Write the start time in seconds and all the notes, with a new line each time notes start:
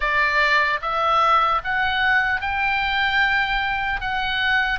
0.00 D5
0.81 E5
1.64 F#5
2.41 G5
4.00 F#5